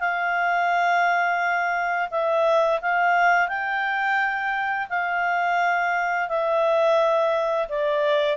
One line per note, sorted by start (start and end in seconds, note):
0.00 2.09 F5
2.11 2.80 E5
2.82 3.48 F5
3.48 4.88 G5
4.89 6.29 F5
6.29 7.68 E5
7.69 8.37 D5